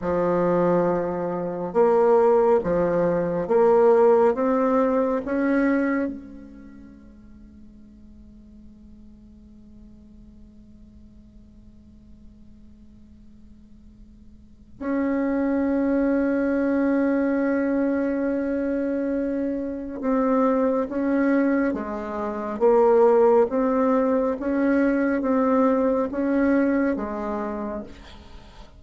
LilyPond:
\new Staff \with { instrumentName = "bassoon" } { \time 4/4 \tempo 4 = 69 f2 ais4 f4 | ais4 c'4 cis'4 gis4~ | gis1~ | gis1~ |
gis4 cis'2.~ | cis'2. c'4 | cis'4 gis4 ais4 c'4 | cis'4 c'4 cis'4 gis4 | }